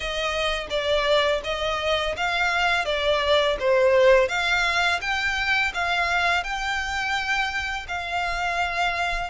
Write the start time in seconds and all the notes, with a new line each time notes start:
0.00 D#5
0.69 D5
1.44 D#5
2.16 F5
2.85 D5
3.59 C5
4.28 F5
5.01 G5
5.74 F5
6.43 G5
7.88 F5